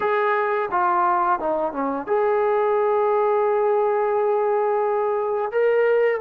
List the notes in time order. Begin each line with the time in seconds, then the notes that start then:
0.00 G#4
0.71 F4
1.39 D#4
1.72 C#4
2.07 G#4
5.51 A#4